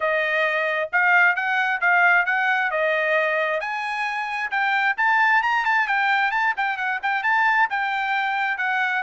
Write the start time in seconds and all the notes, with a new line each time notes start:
0.00 D#5
0.92 F5
1.35 F#5
1.80 F5
2.25 F#5
2.70 D#5
3.60 G#5
4.51 G5
4.97 A5
5.42 A#5
5.65 A5
5.87 G5
6.31 A5
6.56 G5
6.77 F#5
7.02 G5
7.23 A5
7.70 G5
8.57 F#5